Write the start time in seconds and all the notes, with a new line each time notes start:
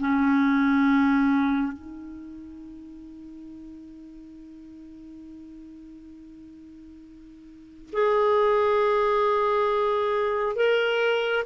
0.00 C#4
1.72 D#4
7.93 G#4
10.56 A#4